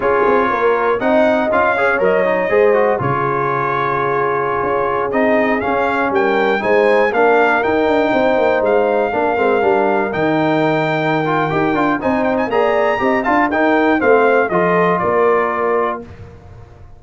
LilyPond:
<<
  \new Staff \with { instrumentName = "trumpet" } { \time 4/4 \tempo 4 = 120 cis''2 fis''4 f''4 | dis''2 cis''2~ | cis''2~ cis''16 dis''4 f''8.~ | f''16 g''4 gis''4 f''4 g''8.~ |
g''4~ g''16 f''2~ f''8.~ | f''16 g''2.~ g''8. | gis''8 g''16 gis''16 ais''4. a''8 g''4 | f''4 dis''4 d''2 | }
  \new Staff \with { instrumentName = "horn" } { \time 4/4 gis'4 ais'4 dis''4. cis''8~ | cis''4 c''4 gis'2~ | gis'1~ | gis'16 ais'4 c''4 ais'4.~ ais'16~ |
ais'16 c''2 ais'4.~ ais'16~ | ais'1 | c''4 d''4 dis''8 f''8 ais'4 | c''4 a'4 ais'2 | }
  \new Staff \with { instrumentName = "trombone" } { \time 4/4 f'2 dis'4 f'8 gis'8 | ais'8 dis'8 gis'8 fis'8 f'2~ | f'2~ f'16 dis'4 cis'8.~ | cis'4~ cis'16 dis'4 d'4 dis'8.~ |
dis'2~ dis'16 d'8 c'8 d'8.~ | d'16 dis'2~ dis'16 f'8 g'8 f'8 | dis'4 gis'4 g'8 f'8 dis'4 | c'4 f'2. | }
  \new Staff \with { instrumentName = "tuba" } { \time 4/4 cis'8 c'8 ais4 c'4 cis'4 | fis4 gis4 cis2~ | cis4~ cis16 cis'4 c'4 cis'8.~ | cis'16 g4 gis4 ais4 dis'8 d'16~ |
d'16 c'8 ais8 gis4 ais8 gis8 g8.~ | g16 dis2~ dis8. dis'8 d'8 | c'4 ais4 c'8 d'8 dis'4 | a4 f4 ais2 | }
>>